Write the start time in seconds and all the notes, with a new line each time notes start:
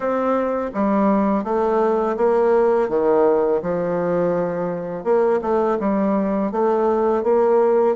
0.00 C4
0.74 G3
1.44 A3
2.17 A#3
2.88 D#3
3.62 F3
5.03 A#3
5.41 A3
5.79 G3
6.51 A3
7.23 A#3